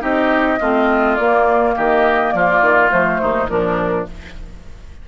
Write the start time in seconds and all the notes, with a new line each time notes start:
0.00 C4 D#4 G4 D#5
0.60 A3 C4 F4
1.15 A#3 D5
1.76 D#3 G4 D#5
2.32 F3 F4 D5
2.61 D#3
2.91 F3 A3 C5
3.21 D#2 D#4
3.47 A#2 F3 D4 A#4